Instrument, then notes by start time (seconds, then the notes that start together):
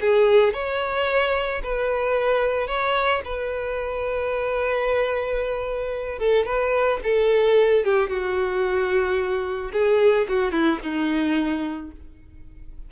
violin
0.00 G#4
0.53 C#5
1.63 B4
2.67 C#5
3.24 B4
6.19 A4
6.45 B4
7.03 A4
7.84 G4
8.09 F#4
9.72 G#4
10.28 F#4
10.51 E4
10.83 D#4